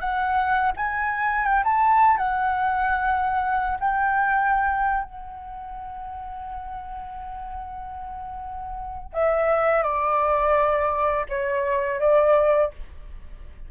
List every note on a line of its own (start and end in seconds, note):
0.00 0.71 F#5
0.76 1.45 G#5
1.45 1.63 G5
1.64 2.17 A5
2.17 3.78 F#5
3.80 5.03 G5
5.03 9.13 F#5
9.13 9.82 E5
9.82 11.25 D5
11.29 11.99 C#5
11.99 12.71 D5